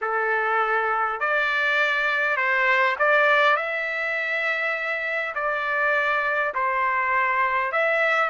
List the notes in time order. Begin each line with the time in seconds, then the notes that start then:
0.01 A4
1.20 D5
2.36 C5
2.99 D5
3.56 E5
5.35 D5
6.54 C5
7.71 E5